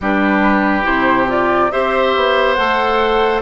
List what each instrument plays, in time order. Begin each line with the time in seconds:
0.01 bassoon G3, clarinet D4, oboe G4, flute B4
0.83 bassoon C3, clarinet E4, flute C5
1.27 clarinet F4, flute D5
1.71 bassoon C4, clarinet G4, oboe C5, flute E5
2.16 bassoon B3
2.54 bassoon A3, clarinet A4, flute F#5